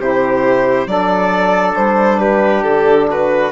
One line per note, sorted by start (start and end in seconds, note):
0.00 0.86 C3
0.00 0.87 E4
0.00 0.89 G4
0.00 0.88 C5
0.86 1.75 F#3
0.86 3.51 D4
0.86 2.20 A4
0.86 1.76 D5
1.76 2.65 G3
1.76 2.20 C5
2.20 3.09 G4
2.20 2.63 B4
2.63 3.52 D3
2.63 3.07 A4
3.10 3.52 F#4
3.10 3.52 B4